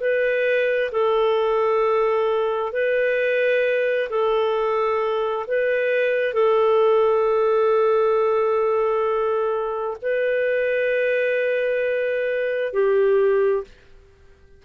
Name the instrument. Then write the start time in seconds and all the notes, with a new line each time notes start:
clarinet
0.00 B4
0.92 A4
2.73 B4
4.10 A4
5.48 B4
6.34 A4
10.02 B4
12.73 G4